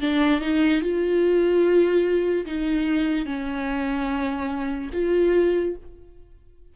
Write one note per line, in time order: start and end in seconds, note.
0.00 0.41 D4
0.41 0.81 D#4
0.81 2.45 F4
2.45 3.25 D#4
3.25 4.90 C#4
4.92 5.75 F4